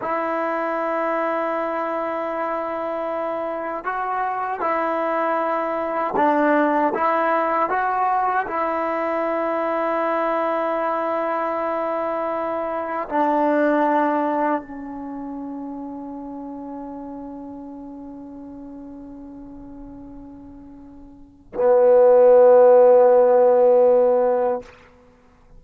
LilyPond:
\new Staff \with { instrumentName = "trombone" } { \time 4/4 \tempo 4 = 78 e'1~ | e'4 fis'4 e'2 | d'4 e'4 fis'4 e'4~ | e'1~ |
e'4 d'2 cis'4~ | cis'1~ | cis'1 | b1 | }